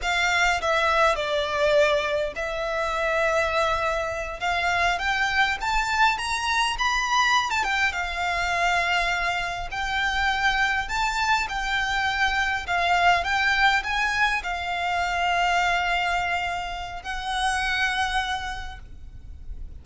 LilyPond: \new Staff \with { instrumentName = "violin" } { \time 4/4 \tempo 4 = 102 f''4 e''4 d''2 | e''2.~ e''8 f''8~ | f''8 g''4 a''4 ais''4 b''8~ | b''8. a''16 g''8 f''2~ f''8~ |
f''8 g''2 a''4 g''8~ | g''4. f''4 g''4 gis''8~ | gis''8 f''2.~ f''8~ | f''4 fis''2. | }